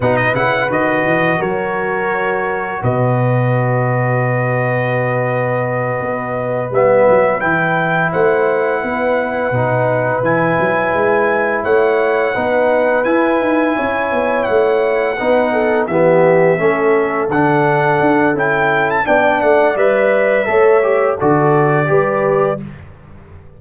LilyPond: <<
  \new Staff \with { instrumentName = "trumpet" } { \time 4/4 \tempo 4 = 85 fis''16 dis''16 fis''8 dis''4 cis''2 | dis''1~ | dis''4. e''4 g''4 fis''8~ | fis''2~ fis''8 gis''4.~ |
gis''8 fis''2 gis''4.~ | gis''8 fis''2 e''4.~ | e''8 fis''4. g''8. a''16 g''8 fis''8 | e''2 d''2 | }
  \new Staff \with { instrumentName = "horn" } { \time 4/4 b'2 ais'2 | b'1~ | b'2.~ b'8 c''8~ | c''8 b'2.~ b'8~ |
b'8 cis''4 b'2 cis''8~ | cis''4. b'8 a'8 g'4 a'8~ | a'2. d''4~ | d''4 cis''4 a'4 b'4 | }
  \new Staff \with { instrumentName = "trombone" } { \time 4/4 dis'8 e'8 fis'2.~ | fis'1~ | fis'4. b4 e'4.~ | e'4. dis'4 e'4.~ |
e'4. dis'4 e'4.~ | e'4. dis'4 b4 cis'8~ | cis'8 d'4. e'4 d'4 | b'4 a'8 g'8 fis'4 g'4 | }
  \new Staff \with { instrumentName = "tuba" } { \time 4/4 b,8 cis8 dis8 e8 fis2 | b,1~ | b,8 b4 g8 fis8 e4 a8~ | a8 b4 b,4 e8 fis8 gis8~ |
gis8 a4 b4 e'8 dis'8 cis'8 | b8 a4 b4 e4 a8~ | a8 d4 d'8 cis'4 b8 a8 | g4 a4 d4 g4 | }
>>